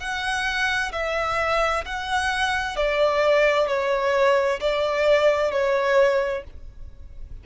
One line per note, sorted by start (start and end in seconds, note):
0.00 0.92 F#5
0.93 1.85 E5
1.85 2.77 F#5
2.77 3.68 D5
3.68 4.60 C#5
4.61 5.52 D5
5.52 6.44 C#5